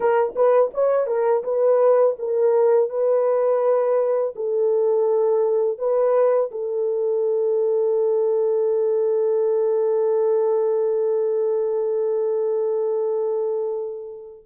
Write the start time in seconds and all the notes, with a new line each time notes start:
0.00 A#4
0.35 B4
0.74 C#5
1.06 A#4
1.43 B4
2.19 A#4
2.89 B4
4.35 A4
5.78 B4
6.51 A4